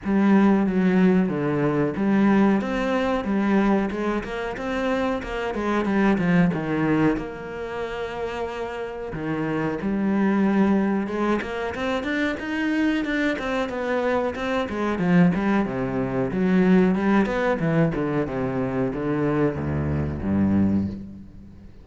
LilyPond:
\new Staff \with { instrumentName = "cello" } { \time 4/4 \tempo 4 = 92 g4 fis4 d4 g4 | c'4 g4 gis8 ais8 c'4 | ais8 gis8 g8 f8 dis4 ais4~ | ais2 dis4 g4~ |
g4 gis8 ais8 c'8 d'8 dis'4 | d'8 c'8 b4 c'8 gis8 f8 g8 | c4 fis4 g8 b8 e8 d8 | c4 d4 d,4 g,4 | }